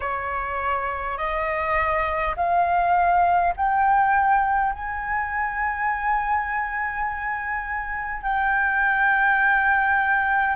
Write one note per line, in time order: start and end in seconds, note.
0.00 1.17 C#5
1.17 2.35 D#5
2.36 3.53 F5
3.56 4.72 G5
4.72 8.22 G#5
8.22 10.56 G5